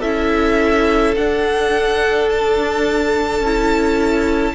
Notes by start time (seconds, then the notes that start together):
0.00 C#4 E4 A4 E5
1.16 D4 F#5
2.29 A5
3.41 C#4 E4